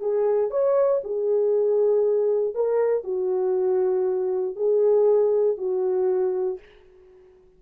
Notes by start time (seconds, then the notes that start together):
0.00 G#4
0.51 C#5
1.04 G#4
2.55 A#4
3.04 F#4
4.56 G#4
5.58 F#4